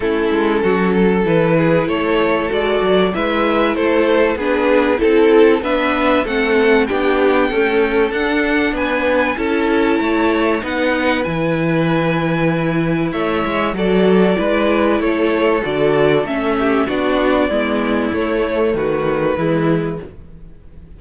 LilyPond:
<<
  \new Staff \with { instrumentName = "violin" } { \time 4/4 \tempo 4 = 96 a'2 b'4 cis''4 | d''4 e''4 c''4 b'4 | a'4 e''4 fis''4 g''4~ | g''4 fis''4 gis''4 a''4~ |
a''4 fis''4 gis''2~ | gis''4 e''4 d''2 | cis''4 d''4 e''4 d''4~ | d''4 cis''4 b'2 | }
  \new Staff \with { instrumentName = "violin" } { \time 4/4 e'4 fis'8 a'4 gis'8 a'4~ | a'4 b'4 a'4 gis'4 | a'4 b'4 a'4 g'4 | a'2 b'4 a'4 |
cis''4 b'2.~ | b'4 cis''4 a'4 b'4 | a'2~ a'8 g'8 fis'4 | e'2 fis'4 e'4 | }
  \new Staff \with { instrumentName = "viola" } { \time 4/4 cis'2 e'2 | fis'4 e'2 d'4 | e'4 d'4 c'4 d'4 | a4 d'2 e'4~ |
e'4 dis'4 e'2~ | e'2 fis'4 e'4~ | e'4 fis'4 cis'4 d'4 | b4 a2 gis4 | }
  \new Staff \with { instrumentName = "cello" } { \time 4/4 a8 gis8 fis4 e4 a4 | gis8 fis8 gis4 a4 b4 | c'4 b4 a4 b4 | cis'4 d'4 b4 cis'4 |
a4 b4 e2~ | e4 a8 gis8 fis4 gis4 | a4 d4 a4 b4 | gis4 a4 dis4 e4 | }
>>